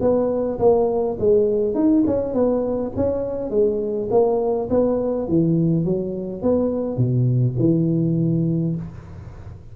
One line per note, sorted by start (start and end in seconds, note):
0.00 0.58 B3
0.59 1.17 A#3
1.19 1.74 G#3
1.74 2.03 D#4
2.06 2.34 C#4
2.34 2.92 B3
2.96 3.50 C#4
3.50 4.08 G#3
4.10 4.68 A#3
4.69 5.28 B3
5.28 5.84 E3
5.84 6.42 F#3
6.42 6.97 B3
6.97 7.55 B2
7.59 8.75 E3